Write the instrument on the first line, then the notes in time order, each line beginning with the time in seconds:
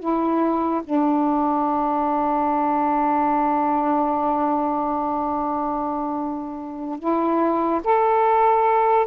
saxophone
0.00 E4
0.84 D4
6.99 E4
7.84 A4